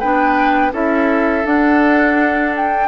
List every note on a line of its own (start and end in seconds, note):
0.00 0.73 B3
0.00 0.73 D4
0.00 0.72 B4
0.00 0.73 G5
0.73 1.45 C#4
0.73 1.44 E4
0.73 2.89 A4
0.73 1.46 E5
1.44 2.89 D4
1.44 2.55 F#5
2.56 2.89 G5